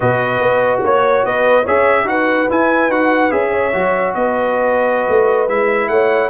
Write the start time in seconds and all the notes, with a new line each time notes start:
0.00 B2 F#4 B4 D#5
0.40 B3
0.83 A#3 C#5
1.24 B3 B4 D#5
1.62 C#4 G#4 C#5 E5
2.04 D#4 F#4 B4 F#5
2.49 E4 G#5
2.88 D#4 F#4 F#5
3.30 C#4 G#4 E5
3.50 C#5
3.72 F#3 F#4
4.14 B3 B4 D#5
5.08 A3
5.48 G#3 E4 E5
5.88 A3 C#5 F#5